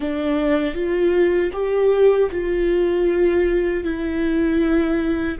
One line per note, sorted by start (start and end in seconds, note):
0.00 0.74 D4
0.74 1.51 F4
1.52 2.29 G4
2.31 3.84 F4
3.84 5.37 E4